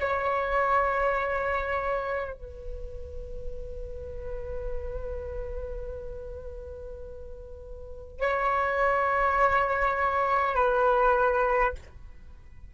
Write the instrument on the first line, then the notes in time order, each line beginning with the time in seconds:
flute
0.00 C#5
2.34 B4
8.20 C#5
10.56 B4